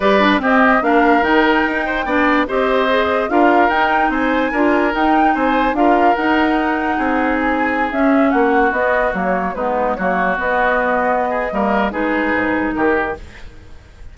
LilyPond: <<
  \new Staff \with { instrumentName = "flute" } { \time 4/4 \tempo 4 = 146 d''4 dis''4 f''4 g''4~ | g''2 dis''2 | f''4 g''4 gis''2 | g''4 gis''4 f''4 fis''4~ |
fis''2 gis''4~ gis''16 e''8.~ | e''16 fis''4 dis''4 cis''4 b'8.~ | b'16 cis''4 dis''2~ dis''8.~ | dis''4 b'2 ais'4 | }
  \new Staff \with { instrumentName = "oboe" } { \time 4/4 b'4 g'4 ais'2~ | ais'8 c''8 d''4 c''2 | ais'2 c''4 ais'4~ | ais'4 c''4 ais'2~ |
ais'4 gis'2.~ | gis'16 fis'2. dis'8.~ | dis'16 fis'2.~ fis'16 gis'8 | ais'4 gis'2 g'4 | }
  \new Staff \with { instrumentName = "clarinet" } { \time 4/4 g'8 d'8 c'4 d'4 dis'4~ | dis'4 d'4 g'4 gis'4 | f'4 dis'2 f'4 | dis'2 f'4 dis'4~ |
dis'2.~ dis'16 cis'8.~ | cis'4~ cis'16 b4 ais4 b8.~ | b16 ais4 b2~ b8. | ais4 dis'2. | }
  \new Staff \with { instrumentName = "bassoon" } { \time 4/4 g4 c'4 ais4 dis4 | dis'4 b4 c'2 | d'4 dis'4 c'4 d'4 | dis'4 c'4 d'4 dis'4~ |
dis'4 c'2~ c'16 cis'8.~ | cis'16 ais4 b4 fis4 gis8.~ | gis16 fis4 b2~ b8. | g4 gis4 gis,4 dis4 | }
>>